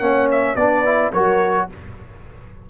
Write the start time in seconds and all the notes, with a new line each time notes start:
0.00 A#3 C#4 C#5 F#5
0.32 E5
0.56 B3 D4 B4 D5
0.85 E4
1.13 F#3 F#4 A#4 C#5